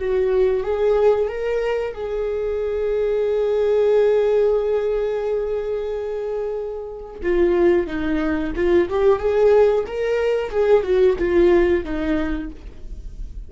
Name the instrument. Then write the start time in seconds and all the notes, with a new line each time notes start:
viola
0.00 F#4
0.64 G#4
1.29 A#4
1.94 G#4
7.23 F4
7.87 D#4
8.56 F4
8.89 G4
9.19 G#4
9.87 A#4
10.50 G#4
10.83 F#4
11.19 F4
11.85 D#4